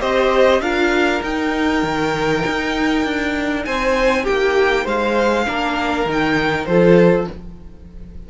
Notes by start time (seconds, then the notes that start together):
0.00 C4 G4 C5 D#5
0.60 D4 F4 A#4 F5
1.22 D#4 G5
1.83 D#3
2.46 D#4
3.04 D4
3.64 C4 C5 G#5
4.23 A#3 G4 G5
4.84 G#3 C5 F5
5.45 A#3 D4 A#4
6.05 D#3 D#4
6.11 G5
6.65 F3 F4 A4 C5